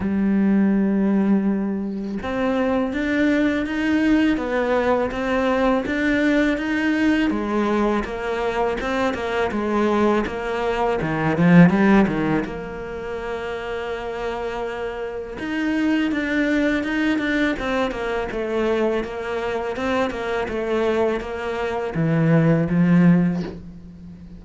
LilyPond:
\new Staff \with { instrumentName = "cello" } { \time 4/4 \tempo 4 = 82 g2. c'4 | d'4 dis'4 b4 c'4 | d'4 dis'4 gis4 ais4 | c'8 ais8 gis4 ais4 dis8 f8 |
g8 dis8 ais2.~ | ais4 dis'4 d'4 dis'8 d'8 | c'8 ais8 a4 ais4 c'8 ais8 | a4 ais4 e4 f4 | }